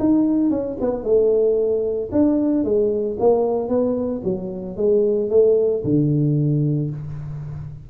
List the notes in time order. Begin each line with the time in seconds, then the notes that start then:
0.00 D#4
0.51 C#4
0.81 B3
1.04 A3
2.12 D4
2.65 G#3
3.20 A#3
3.69 B3
4.24 F#3
4.77 G#3
5.30 A3
5.85 D3